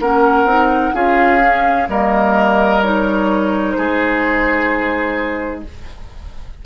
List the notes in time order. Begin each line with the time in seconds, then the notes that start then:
0.00 A#3 C#4 A#4 F#5
0.44 C4 D#4
0.94 C#4 F4 G#4 F5
1.41 C#4
1.88 G3 A#3 A#4 D#5
2.82 D#4 C#5
3.72 G#3 G#4 C5